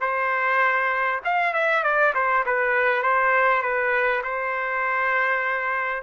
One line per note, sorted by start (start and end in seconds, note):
0.00 1.20 C5
1.24 1.53 F5
1.53 1.83 E5
1.83 2.13 D5
2.14 2.44 C5
2.45 3.02 B4
3.02 3.62 C5
3.62 4.22 B4
4.23 6.02 C5